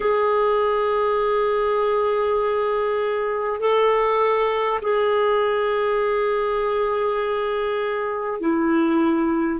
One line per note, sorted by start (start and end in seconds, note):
0.00 3.60 G#4
3.60 4.80 A4
4.82 8.39 G#4
8.39 9.59 E4